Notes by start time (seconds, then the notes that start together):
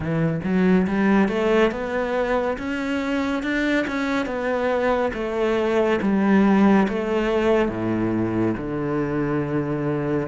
0.00 E3
0.43 F#3
0.86 G3
1.28 A3
1.71 B3
2.58 C#4
3.42 D4
3.87 C#4
4.25 B3
5.14 A3
6.01 G3
6.88 A3
7.69 A2
8.57 D3